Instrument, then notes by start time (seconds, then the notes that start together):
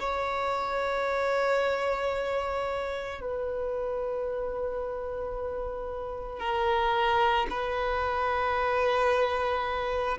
violin
0.00 C#5
3.21 B4
6.40 A#4
7.50 B4